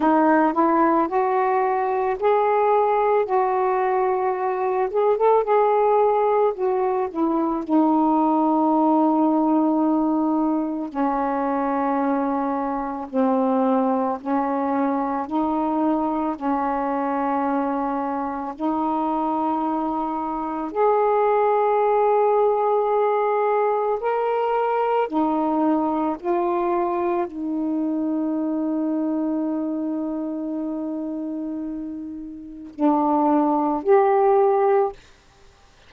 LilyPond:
\new Staff \with { instrumentName = "saxophone" } { \time 4/4 \tempo 4 = 55 dis'8 e'8 fis'4 gis'4 fis'4~ | fis'8 gis'16 a'16 gis'4 fis'8 e'8 dis'4~ | dis'2 cis'2 | c'4 cis'4 dis'4 cis'4~ |
cis'4 dis'2 gis'4~ | gis'2 ais'4 dis'4 | f'4 dis'2.~ | dis'2 d'4 g'4 | }